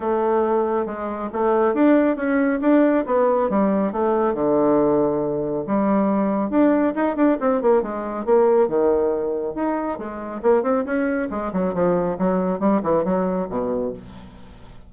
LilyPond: \new Staff \with { instrumentName = "bassoon" } { \time 4/4 \tempo 4 = 138 a2 gis4 a4 | d'4 cis'4 d'4 b4 | g4 a4 d2~ | d4 g2 d'4 |
dis'8 d'8 c'8 ais8 gis4 ais4 | dis2 dis'4 gis4 | ais8 c'8 cis'4 gis8 fis8 f4 | fis4 g8 e8 fis4 b,4 | }